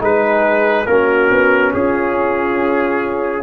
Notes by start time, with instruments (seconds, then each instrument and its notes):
0.00 tuba G#3, trombone D#4, horn G#4, trumpet B4
0.86 tuba A#3, trombone C#4, horn F#4, trumpet A#4
1.31 tuba B3
1.74 tuba C#4, horn F4, trumpet G#4